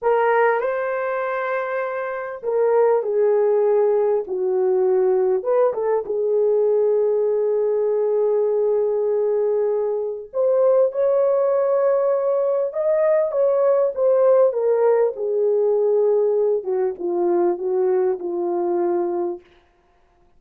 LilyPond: \new Staff \with { instrumentName = "horn" } { \time 4/4 \tempo 4 = 99 ais'4 c''2. | ais'4 gis'2 fis'4~ | fis'4 b'8 a'8 gis'2~ | gis'1~ |
gis'4 c''4 cis''2~ | cis''4 dis''4 cis''4 c''4 | ais'4 gis'2~ gis'8 fis'8 | f'4 fis'4 f'2 | }